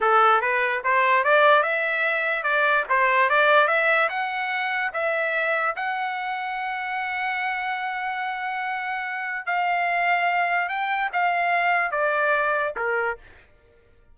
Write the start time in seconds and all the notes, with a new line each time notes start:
0.00 A4
0.41 B4
0.84 C5
1.24 D5
1.62 E5
2.43 D5
2.89 C5
3.29 D5
3.67 E5
4.09 F#5
4.93 E5
5.76 F#5
9.46 F5
10.68 G5
11.12 F5
11.91 D5
12.76 A#4